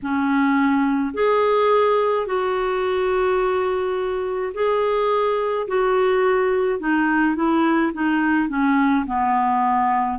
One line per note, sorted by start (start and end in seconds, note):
0.02 1.13 C#4
1.13 2.26 G#4
2.26 4.52 F#4
4.53 5.67 G#4
5.67 6.79 F#4
6.79 7.35 D#4
7.35 7.92 E4
7.92 8.49 D#4
8.49 9.05 C#4
9.06 10.18 B3